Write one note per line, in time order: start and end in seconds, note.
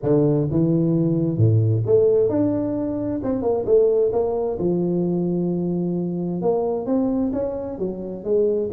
0.02 0.48 D3
0.50 1.37 E3
1.37 1.83 A2
1.85 2.29 A3
2.29 3.20 D4
3.23 3.42 C4
3.42 3.65 A#3
3.65 4.11 A3
4.12 4.58 A#3
4.59 6.41 F3
6.41 6.86 A#3
6.86 7.31 C4
7.32 7.78 C#4
7.78 8.23 F#3
8.23 8.69 G#3